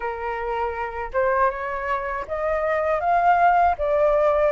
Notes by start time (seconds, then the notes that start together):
0.00 A#4
1.13 C5
1.50 C#5
2.27 D#5
3.00 F5
3.77 D5